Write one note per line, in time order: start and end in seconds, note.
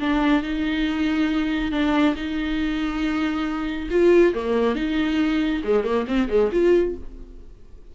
0.00 0.42 D4
0.42 1.71 D#4
1.71 2.15 D4
2.15 3.89 D#4
3.90 4.34 F4
4.34 4.75 A#3
4.75 5.62 D#4
5.64 5.84 G#3
5.84 6.06 A#3
6.07 6.28 C4
6.28 6.50 G#3
6.52 6.95 F4